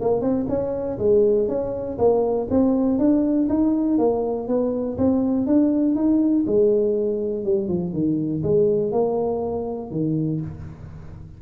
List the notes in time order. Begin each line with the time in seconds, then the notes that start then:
0.00 A#3
0.21 C4
0.48 C#4
0.98 G#3
1.48 C#4
1.98 A#3
2.50 C4
2.98 D4
3.48 D#4
3.98 A#3
4.47 B3
4.97 C4
5.46 D4
5.95 D#4
6.46 G#3
7.44 G3
7.68 F3
7.92 D#3
8.43 G#3
8.91 A#3
9.91 D#3